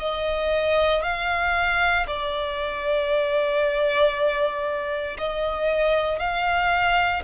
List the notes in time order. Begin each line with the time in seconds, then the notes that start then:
0.00 D#5
1.03 F5
2.07 D5
5.18 D#5
6.19 F5